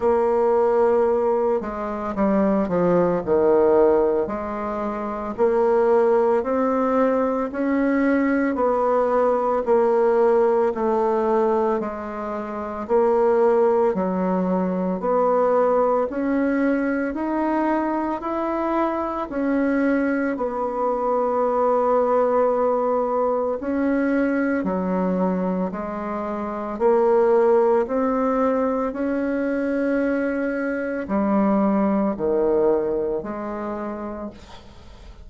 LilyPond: \new Staff \with { instrumentName = "bassoon" } { \time 4/4 \tempo 4 = 56 ais4. gis8 g8 f8 dis4 | gis4 ais4 c'4 cis'4 | b4 ais4 a4 gis4 | ais4 fis4 b4 cis'4 |
dis'4 e'4 cis'4 b4~ | b2 cis'4 fis4 | gis4 ais4 c'4 cis'4~ | cis'4 g4 dis4 gis4 | }